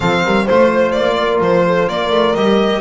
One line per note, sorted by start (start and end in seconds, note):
0.00 0.24 F3
0.00 0.46 C4
0.00 0.23 A4
0.00 0.46 F5
0.24 0.48 G3
0.24 0.44 A#4
0.44 2.36 F4
0.44 1.15 C5
0.44 0.91 C5
0.50 0.95 A3
0.91 1.40 A#3
0.91 1.39 D5
1.18 1.65 A#4
1.40 1.87 F3
1.40 1.88 C5
1.66 1.89 A4
1.88 2.10 A#3
1.88 2.81 A#4
1.88 2.35 D5
2.10 2.33 A3
2.35 2.81 G3
2.35 2.81 G4
2.35 2.81 D#5